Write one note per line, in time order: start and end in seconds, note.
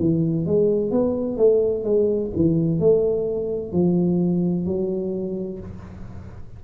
0.00 0.46 E3
0.46 0.91 G#3
0.91 1.38 B3
1.38 1.84 A3
1.84 2.31 G#3
2.37 2.80 E3
2.80 3.72 A3
3.72 4.66 F3
4.66 5.60 F#3